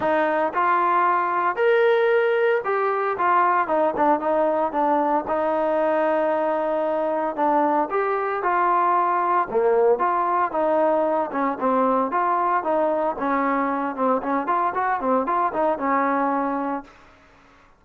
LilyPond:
\new Staff \with { instrumentName = "trombone" } { \time 4/4 \tempo 4 = 114 dis'4 f'2 ais'4~ | ais'4 g'4 f'4 dis'8 d'8 | dis'4 d'4 dis'2~ | dis'2 d'4 g'4 |
f'2 ais4 f'4 | dis'4. cis'8 c'4 f'4 | dis'4 cis'4. c'8 cis'8 f'8 | fis'8 c'8 f'8 dis'8 cis'2 | }